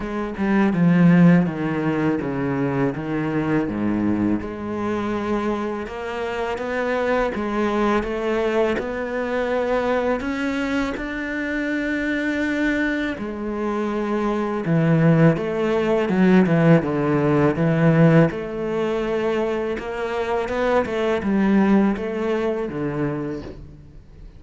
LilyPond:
\new Staff \with { instrumentName = "cello" } { \time 4/4 \tempo 4 = 82 gis8 g8 f4 dis4 cis4 | dis4 gis,4 gis2 | ais4 b4 gis4 a4 | b2 cis'4 d'4~ |
d'2 gis2 | e4 a4 fis8 e8 d4 | e4 a2 ais4 | b8 a8 g4 a4 d4 | }